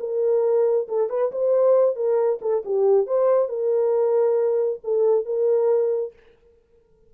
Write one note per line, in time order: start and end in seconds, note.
0.00 0.88 A#4
0.89 1.10 A4
1.10 1.32 B4
1.32 1.96 C5
1.96 2.40 A#4
2.42 2.64 A4
2.65 3.07 G4
3.07 3.49 C5
3.49 4.80 A#4
4.84 5.26 A4
5.26 6.13 A#4